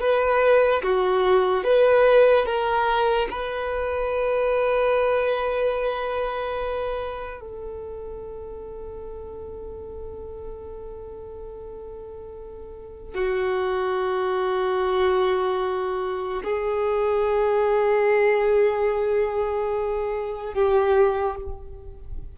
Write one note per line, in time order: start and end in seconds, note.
0.00 0.82 B4
0.83 1.64 F#4
1.64 2.46 B4
2.46 3.28 A#4
3.30 7.40 B4
7.40 13.14 A4
13.14 16.43 F#4
16.44 20.53 G#4
20.53 21.35 G4